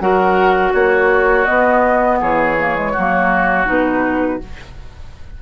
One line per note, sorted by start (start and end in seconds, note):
0.00 0.73 F#3
0.00 1.46 F#4
0.00 0.73 A#4
0.00 0.73 F#5
0.73 1.47 A#3
0.73 2.19 F#4
0.73 1.45 C#5
1.45 2.56 B3
1.45 2.21 B3
1.45 2.18 D#5
2.20 2.95 E3
2.20 2.92 G#4
2.20 3.68 C#5
2.59 2.75 A#3
2.75 2.93 G#3
2.92 3.67 F#3
2.92 3.65 A#3
2.92 4.38 F#4
3.65 4.40 B2
3.65 4.38 D#4
3.65 4.42 B4